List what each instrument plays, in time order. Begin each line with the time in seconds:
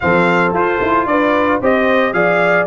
0.00 tuba F3, trombone C4, horn A4, trumpet F5
0.52 tuba F4, trombone F4, trumpet C5
0.81 tuba E4
1.05 tuba D4, horn B4, trumpet D5
1.60 tuba C4, trombone G4, horn C5, trumpet D#5
2.13 tuba F3, trombone G#4, horn D5, trumpet F5